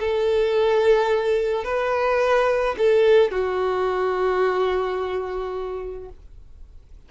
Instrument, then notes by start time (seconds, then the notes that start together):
violin
0.00 A4
1.65 B4
2.78 A4
3.32 F#4